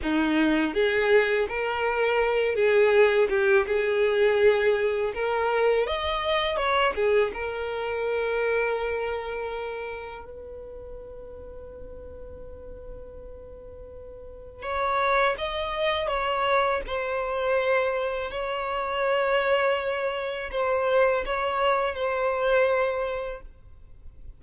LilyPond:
\new Staff \with { instrumentName = "violin" } { \time 4/4 \tempo 4 = 82 dis'4 gis'4 ais'4. gis'8~ | gis'8 g'8 gis'2 ais'4 | dis''4 cis''8 gis'8 ais'2~ | ais'2 b'2~ |
b'1 | cis''4 dis''4 cis''4 c''4~ | c''4 cis''2. | c''4 cis''4 c''2 | }